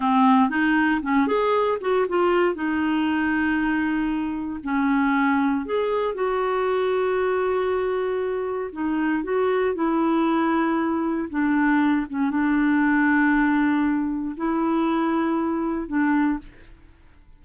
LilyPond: \new Staff \with { instrumentName = "clarinet" } { \time 4/4 \tempo 4 = 117 c'4 dis'4 cis'8 gis'4 fis'8 | f'4 dis'2.~ | dis'4 cis'2 gis'4 | fis'1~ |
fis'4 dis'4 fis'4 e'4~ | e'2 d'4. cis'8 | d'1 | e'2. d'4 | }